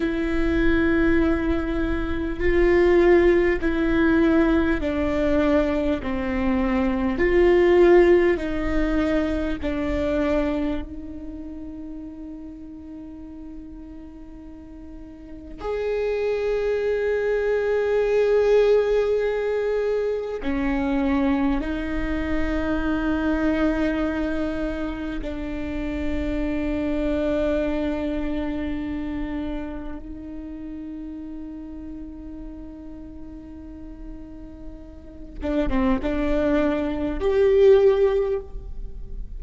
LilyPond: \new Staff \with { instrumentName = "viola" } { \time 4/4 \tempo 4 = 50 e'2 f'4 e'4 | d'4 c'4 f'4 dis'4 | d'4 dis'2.~ | dis'4 gis'2.~ |
gis'4 cis'4 dis'2~ | dis'4 d'2.~ | d'4 dis'2.~ | dis'4. d'16 c'16 d'4 g'4 | }